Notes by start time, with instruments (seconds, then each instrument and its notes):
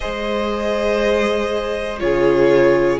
0.00 cello G#3, viola G#4, violin C5 D#5
1.99 cello C#3, viola F4, violin G#4 C#5